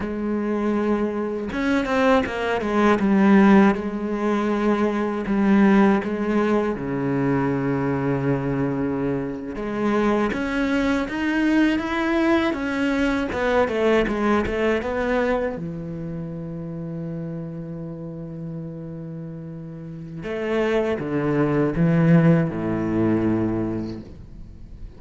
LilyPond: \new Staff \with { instrumentName = "cello" } { \time 4/4 \tempo 4 = 80 gis2 cis'8 c'8 ais8 gis8 | g4 gis2 g4 | gis4 cis2.~ | cis8. gis4 cis'4 dis'4 e'16~ |
e'8. cis'4 b8 a8 gis8 a8 b16~ | b8. e2.~ e16~ | e2. a4 | d4 e4 a,2 | }